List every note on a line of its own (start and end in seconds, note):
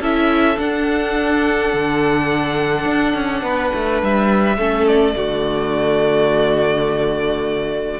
0.00 0.57 C#4
0.00 0.56 E4
0.00 3.43 A4
0.00 0.59 E5
0.56 4.56 D4
0.56 1.73 D4
0.56 4.02 F#5
1.73 2.85 D3
2.85 3.14 D4
3.14 3.42 C#4
3.42 3.71 B3
3.42 4.57 B4
3.74 4.02 A3
4.02 4.57 G3
4.02 4.87 E5
4.57 5.15 A3
4.57 5.14 C#4
4.57 5.15 A4
4.87 7.99 D5
5.14 7.99 D3
5.14 7.99 A3
5.14 7.99 F#4